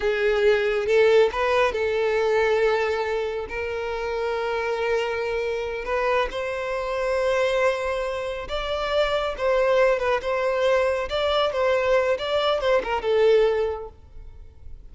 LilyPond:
\new Staff \with { instrumentName = "violin" } { \time 4/4 \tempo 4 = 138 gis'2 a'4 b'4 | a'1 | ais'1~ | ais'4. b'4 c''4.~ |
c''2.~ c''8 d''8~ | d''4. c''4. b'8 c''8~ | c''4. d''4 c''4. | d''4 c''8 ais'8 a'2 | }